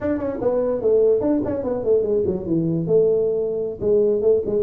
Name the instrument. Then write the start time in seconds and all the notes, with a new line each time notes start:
tuba
0.00 D4
0.18 C#4
0.41 B3
0.81 A3
1.20 D4
1.45 C#4
1.63 B3
1.83 A3
2.02 G#3
2.26 F#3
2.46 E3
2.86 A3
3.80 G#3
4.21 A3
4.46 G#3